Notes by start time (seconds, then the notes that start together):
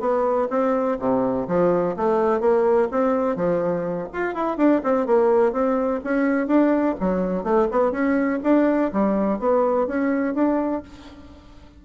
0.00 B3
0.50 C4
0.99 C3
1.47 F3
1.97 A3
2.40 A#3
2.91 C4
3.36 F3
4.13 F4
4.34 E4
4.57 D4
4.83 C4
5.06 A#3
5.52 C4
6.04 C#4
6.47 D4
7.00 F#3
7.44 A3
7.71 B3
7.91 C#4
8.43 D4
8.93 G3
9.39 B3
9.87 C#4
10.35 D4